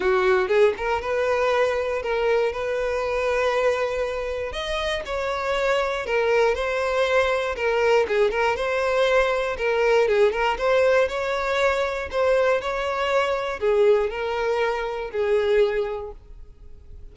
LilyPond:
\new Staff \with { instrumentName = "violin" } { \time 4/4 \tempo 4 = 119 fis'4 gis'8 ais'8 b'2 | ais'4 b'2.~ | b'4 dis''4 cis''2 | ais'4 c''2 ais'4 |
gis'8 ais'8 c''2 ais'4 | gis'8 ais'8 c''4 cis''2 | c''4 cis''2 gis'4 | ais'2 gis'2 | }